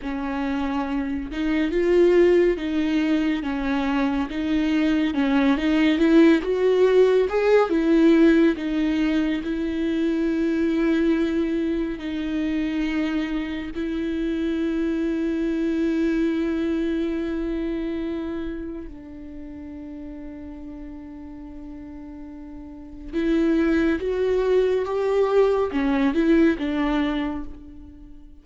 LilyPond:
\new Staff \with { instrumentName = "viola" } { \time 4/4 \tempo 4 = 70 cis'4. dis'8 f'4 dis'4 | cis'4 dis'4 cis'8 dis'8 e'8 fis'8~ | fis'8 gis'8 e'4 dis'4 e'4~ | e'2 dis'2 |
e'1~ | e'2 d'2~ | d'2. e'4 | fis'4 g'4 cis'8 e'8 d'4 | }